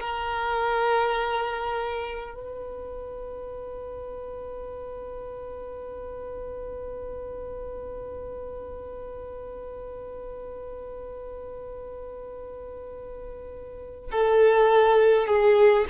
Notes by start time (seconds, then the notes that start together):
0.00 A#4
2.35 B4
14.11 A4
15.27 G#4